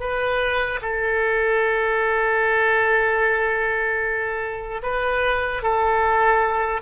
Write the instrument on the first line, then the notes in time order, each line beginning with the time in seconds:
oboe
0.00 B4
0.82 A4
4.83 B4
5.63 A4